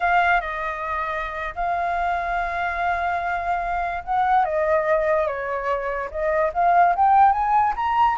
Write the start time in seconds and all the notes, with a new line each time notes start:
0.00 F5
0.40 D#5
1.55 F5
4.03 F#5
4.44 D#5
5.27 C#5
6.10 D#5
6.53 F5
6.95 G5
7.32 G#5
7.76 A#5